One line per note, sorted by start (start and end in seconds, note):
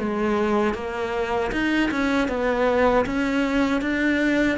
0.00 0.75 G#3
0.75 1.52 A#3
1.52 1.91 D#4
1.92 2.29 C#4
2.29 3.06 B3
3.06 3.82 C#4
3.82 4.59 D4